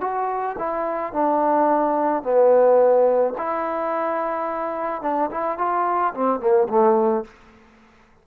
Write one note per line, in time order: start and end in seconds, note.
0.00 0.56 F#4
0.58 1.13 E4
1.13 2.22 D4
2.22 3.34 B3
3.37 5.02 E4
5.02 5.29 D4
5.31 5.58 E4
5.58 6.13 F4
6.13 6.39 C4
6.39 6.67 A#3
6.68 7.24 A3